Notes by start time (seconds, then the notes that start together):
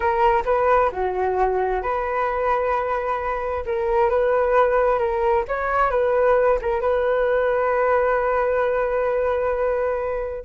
0.00 A#4
0.45 B4
0.92 F#4
1.82 B4
3.66 A#4
4.09 B4
4.98 A#4
5.48 C#5
5.90 B4
6.61 A#4
6.80 B4